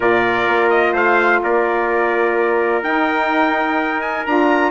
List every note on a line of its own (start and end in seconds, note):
0.00 0.47 A#2
0.00 2.81 F4
0.00 0.92 A#4
0.00 0.69 D5
0.47 0.93 A#3
0.69 0.93 D#5
0.92 1.40 A3
0.92 1.40 C5
0.92 1.43 F5
1.43 2.82 A#3
1.43 4.70 A#4
1.43 2.83 D5
2.82 4.24 D#4
2.82 4.25 D#4
2.82 4.01 G5
4.01 4.24 G#5
4.26 4.70 D4
4.26 4.70 F4
4.26 4.70 A#5